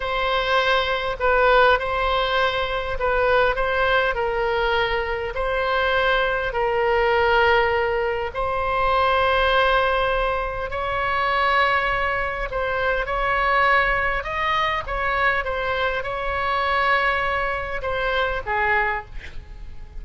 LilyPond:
\new Staff \with { instrumentName = "oboe" } { \time 4/4 \tempo 4 = 101 c''2 b'4 c''4~ | c''4 b'4 c''4 ais'4~ | ais'4 c''2 ais'4~ | ais'2 c''2~ |
c''2 cis''2~ | cis''4 c''4 cis''2 | dis''4 cis''4 c''4 cis''4~ | cis''2 c''4 gis'4 | }